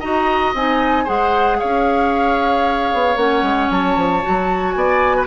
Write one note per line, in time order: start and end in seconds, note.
0.00 0.54 D#4
0.00 0.55 F#4
0.00 1.04 D#5
0.00 0.53 A#5
0.54 1.06 C4
0.54 1.06 D#4
0.54 1.08 G#5
1.04 1.61 G#3
1.04 3.16 G#4
1.04 1.57 C5
1.04 1.60 F#5
1.59 2.93 C#4
1.59 4.75 C#5
1.59 3.17 F5
2.93 3.16 B3
3.16 3.42 A#3
3.16 4.22 C#4
3.16 3.70 F#5
3.42 3.68 G#3
3.70 3.96 F#3
3.70 4.71 A5
3.96 4.23 F3
4.22 4.75 F#3
4.22 5.27 F#4
4.71 5.27 B3
4.71 5.24 G#5
4.78 5.17 D5
5.17 5.27 B4